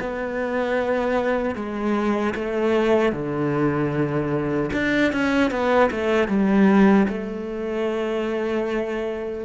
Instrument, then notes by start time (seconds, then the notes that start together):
cello
0.00 B3
1.55 G#3
2.35 A3
3.13 D3
4.73 D4
5.12 C#4
5.51 B3
5.91 A3
6.28 G3
7.08 A3